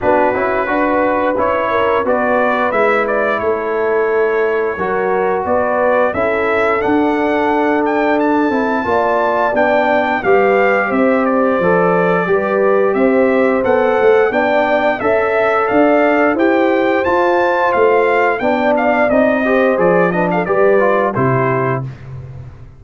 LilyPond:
<<
  \new Staff \with { instrumentName = "trumpet" } { \time 4/4 \tempo 4 = 88 b'2 cis''4 d''4 | e''8 d''8 cis''2. | d''4 e''4 fis''4. g''8 | a''2 g''4 f''4 |
e''8 d''2~ d''8 e''4 | fis''4 g''4 e''4 f''4 | g''4 a''4 f''4 g''8 f''8 | dis''4 d''8 dis''16 f''16 d''4 c''4 | }
  \new Staff \with { instrumentName = "horn" } { \time 4/4 fis'4 b'4. ais'8 b'4~ | b'4 a'2 ais'4 | b'4 a'2.~ | a'4 d''2 b'4 |
c''2 b'4 c''4~ | c''4 d''4 e''4 d''4 | c''2. d''4~ | d''8 c''4 b'16 a'16 b'4 g'4 | }
  \new Staff \with { instrumentName = "trombone" } { \time 4/4 d'8 e'8 fis'4 e'4 fis'4 | e'2. fis'4~ | fis'4 e'4 d'2~ | d'8 e'8 f'4 d'4 g'4~ |
g'4 a'4 g'2 | a'4 d'4 a'2 | g'4 f'2 d'4 | dis'8 g'8 gis'8 d'8 g'8 f'8 e'4 | }
  \new Staff \with { instrumentName = "tuba" } { \time 4/4 b8 cis'8 d'4 cis'4 b4 | gis4 a2 fis4 | b4 cis'4 d'2~ | d'8 c'8 ais4 b4 g4 |
c'4 f4 g4 c'4 | b8 a8 b4 cis'4 d'4 | e'4 f'4 a4 b4 | c'4 f4 g4 c4 | }
>>